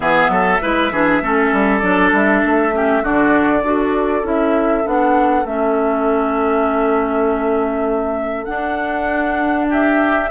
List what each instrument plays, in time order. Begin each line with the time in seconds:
0.00 bassoon E3, clarinet B3, oboe G#4, flute E5
0.28 bassoon F#3, oboe A4
0.60 bassoon G#3, clarinet E4, oboe B4
0.91 bassoon E3, clarinet D4, oboe G#4
1.21 bassoon A3, clarinet C#4, oboe A4
1.52 bassoon G3
1.79 bassoon F#3, clarinet D4, flute D5
2.12 bassoon G3, flute E5
2.44 bassoon A3
2.72 clarinet C#4, oboe G4
3.02 bassoon D3, clarinet D4, oboe F#4, flute D5
3.62 bassoon D4, clarinet F#4, oboe A4
4.23 bassoon C#4, clarinet E4, flute E5
4.85 bassoon B3, clarinet D4, flute F#5
5.44 bassoon A3, clarinet C#4, flute E5
8.44 clarinet D4, bassoon D4, flute F#5
9.69 oboe G4, flute E5